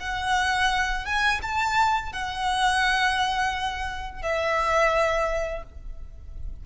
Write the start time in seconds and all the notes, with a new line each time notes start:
0.00 F#5
1.06 G#5
1.42 A5
2.13 F#5
4.22 E5